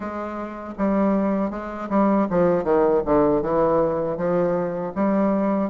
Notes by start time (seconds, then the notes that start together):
0.00 G#3
0.78 G3
1.50 G#3
1.89 G3
2.30 F3
2.63 D#3
3.05 D3
3.42 E3
4.17 F3
4.95 G3